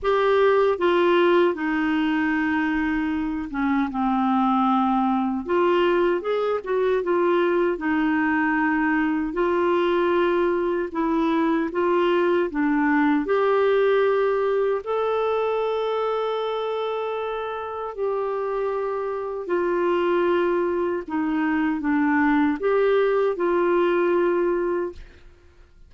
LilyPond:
\new Staff \with { instrumentName = "clarinet" } { \time 4/4 \tempo 4 = 77 g'4 f'4 dis'2~ | dis'8 cis'8 c'2 f'4 | gis'8 fis'8 f'4 dis'2 | f'2 e'4 f'4 |
d'4 g'2 a'4~ | a'2. g'4~ | g'4 f'2 dis'4 | d'4 g'4 f'2 | }